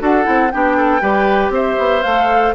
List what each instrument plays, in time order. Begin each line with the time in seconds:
0.00 bassoon D4, clarinet F#4, oboe A4, flute F#5
0.24 bassoon C4, clarinet E4
0.52 bassoon B3, clarinet D4, oboe G4, flute G5
0.77 oboe A4
1.01 bassoon G3, clarinet G4, oboe B4
1.50 bassoon C4, oboe C5, flute E5
1.79 bassoon B3
2.03 bassoon A3, clarinet A4, flute F5